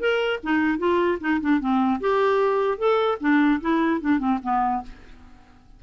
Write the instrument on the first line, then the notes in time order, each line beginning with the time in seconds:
clarinet
0.00 A#4
0.44 D#4
0.79 F4
1.21 D#4
1.41 D4
1.61 C4
2.01 G4
2.79 A4
3.21 D4
3.61 E4
4.01 D4
4.19 C4
4.43 B3